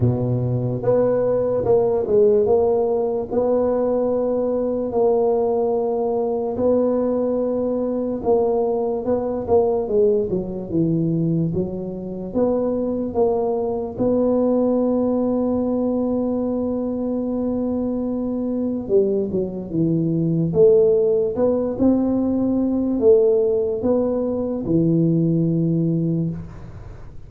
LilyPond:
\new Staff \with { instrumentName = "tuba" } { \time 4/4 \tempo 4 = 73 b,4 b4 ais8 gis8 ais4 | b2 ais2 | b2 ais4 b8 ais8 | gis8 fis8 e4 fis4 b4 |
ais4 b2.~ | b2. g8 fis8 | e4 a4 b8 c'4. | a4 b4 e2 | }